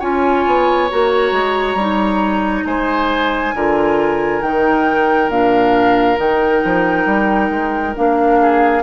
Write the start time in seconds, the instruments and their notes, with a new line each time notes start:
0.00 bassoon C#4, clarinet F4, oboe C#5, flute G#5
0.46 bassoon B3
0.90 bassoon A#3, clarinet F#4, flute A#5
1.32 bassoon G#3
1.75 bassoon G3, clarinet D#4
2.65 bassoon G#3, oboe C5, flute G#5
3.55 bassoon D3, clarinet F4, oboe A#4
4.42 bassoon D#3, clarinet D#4, flute G5
5.29 bassoon A#2, clarinet D4, flute F5
6.17 bassoon D#3, clarinet D#4, flute G5
6.65 bassoon F3
7.06 bassoon G3
7.50 bassoon G#3
7.94 bassoon A#3, clarinet D4, flute F5
8.42 oboe G#4